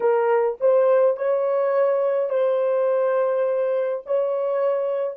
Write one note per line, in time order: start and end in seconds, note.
0.00 0.58 A#4
0.60 1.17 C5
1.17 2.29 C#5
2.29 4.02 C5
4.06 5.17 C#5